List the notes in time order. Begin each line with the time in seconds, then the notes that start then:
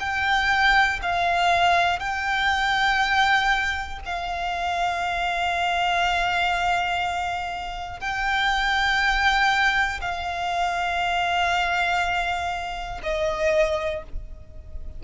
0.00 G5
1.02 F5
2.00 G5
4.05 F5
8.00 G5
10.01 F5
13.03 D#5